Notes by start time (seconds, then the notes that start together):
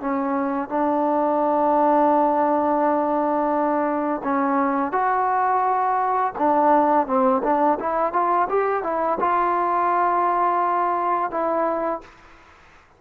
0.00 C#4
0.68 D4
4.23 C#4
4.92 F#4
6.38 D4
7.07 C4
7.43 D4
7.79 E4
8.13 F4
8.49 G4
8.83 E4
9.20 F4
11.30 E4